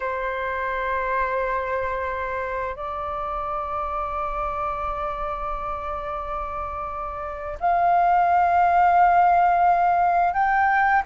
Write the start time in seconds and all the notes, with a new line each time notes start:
0.00 C5
2.75 D5
7.60 F5
10.33 G5